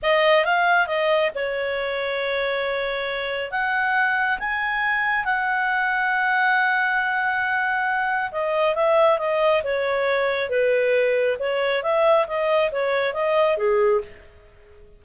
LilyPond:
\new Staff \with { instrumentName = "clarinet" } { \time 4/4 \tempo 4 = 137 dis''4 f''4 dis''4 cis''4~ | cis''1 | fis''2 gis''2 | fis''1~ |
fis''2. dis''4 | e''4 dis''4 cis''2 | b'2 cis''4 e''4 | dis''4 cis''4 dis''4 gis'4 | }